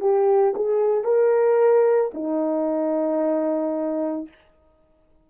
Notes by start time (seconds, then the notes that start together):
0.00 G4
0.56 G#4
1.04 A#4
2.14 D#4